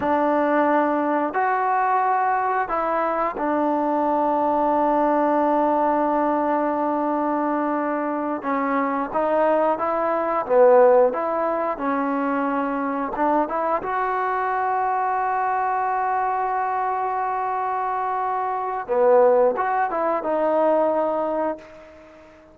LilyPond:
\new Staff \with { instrumentName = "trombone" } { \time 4/4 \tempo 4 = 89 d'2 fis'2 | e'4 d'2.~ | d'1~ | d'8 cis'4 dis'4 e'4 b8~ |
b8 e'4 cis'2 d'8 | e'8 fis'2.~ fis'8~ | fis'1 | b4 fis'8 e'8 dis'2 | }